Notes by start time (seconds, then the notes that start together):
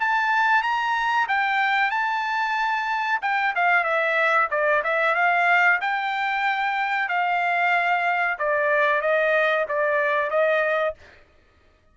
0.00 A5
0.63 A#5
1.28 G5
1.91 A5
3.22 G5
3.56 F5
3.84 E5
4.51 D5
4.84 E5
5.16 F5
5.82 G5
7.09 F5
8.39 D5
9.02 D#5
9.69 D5
10.30 D#5